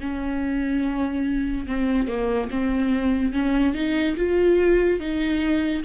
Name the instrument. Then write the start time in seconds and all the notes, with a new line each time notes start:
viola
0.00 C#4
1.67 C4
2.08 A#3
2.50 C4
3.33 C#4
3.74 D#4
4.17 F4
5.00 D#4